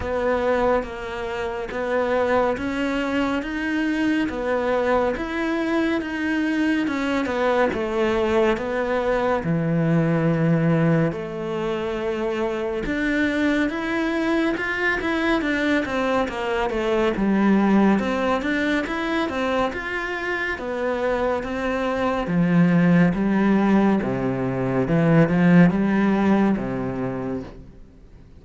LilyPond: \new Staff \with { instrumentName = "cello" } { \time 4/4 \tempo 4 = 70 b4 ais4 b4 cis'4 | dis'4 b4 e'4 dis'4 | cis'8 b8 a4 b4 e4~ | e4 a2 d'4 |
e'4 f'8 e'8 d'8 c'8 ais8 a8 | g4 c'8 d'8 e'8 c'8 f'4 | b4 c'4 f4 g4 | c4 e8 f8 g4 c4 | }